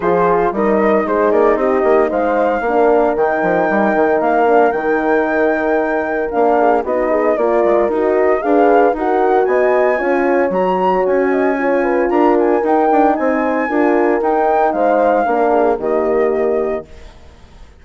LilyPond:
<<
  \new Staff \with { instrumentName = "flute" } { \time 4/4 \tempo 4 = 114 c''4 dis''4 c''8 d''8 dis''4 | f''2 g''2 | f''4 g''2. | f''4 dis''4 d''4 dis''4 |
f''4 fis''4 gis''2 | ais''4 gis''2 ais''8 gis''8 | g''4 gis''2 g''4 | f''2 dis''2 | }
  \new Staff \with { instrumentName = "horn" } { \time 4/4 gis'4 ais'4 gis'4 g'4 | c''4 ais'2.~ | ais'1~ | ais'8 gis'8 fis'8 gis'8 ais'2 |
b'4 ais'4 dis''4 cis''4~ | cis''4. dis''8 cis''8 b'8 ais'4~ | ais'4 c''4 ais'2 | c''4 ais'8 gis'8 g'2 | }
  \new Staff \with { instrumentName = "horn" } { \time 4/4 f'4 dis'2.~ | dis'4 d'4 dis'2~ | dis'8 d'8 dis'2. | d'4 dis'4 f'4 fis'4 |
gis'4 fis'2 f'4 | fis'2 f'2 | dis'2 f'4 dis'4~ | dis'4 d'4 ais2 | }
  \new Staff \with { instrumentName = "bassoon" } { \time 4/4 f4 g4 gis8 ais8 c'8 ais8 | gis4 ais4 dis8 f8 g8 dis8 | ais4 dis2. | ais4 b4 ais8 gis8 dis'4 |
d'4 dis'4 b4 cis'4 | fis4 cis'2 d'4 | dis'8 d'8 c'4 d'4 dis'4 | gis4 ais4 dis2 | }
>>